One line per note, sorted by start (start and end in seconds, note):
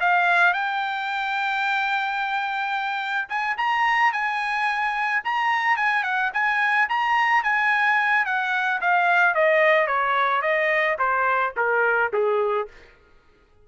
0.00 0.53 F5
0.53 3.28 G5
3.29 3.56 G#5
3.57 4.12 A#5
4.12 5.22 G#5
5.24 5.76 A#5
5.76 6.03 G#5
6.03 6.31 F#5
6.33 6.88 G#5
6.89 7.43 A#5
7.43 8.25 G#5
8.25 8.80 F#5
8.81 9.34 F5
9.34 9.87 D#5
9.87 10.42 C#5
10.42 10.97 D#5
10.98 11.53 C5
11.56 12.11 A#4
12.13 12.68 G#4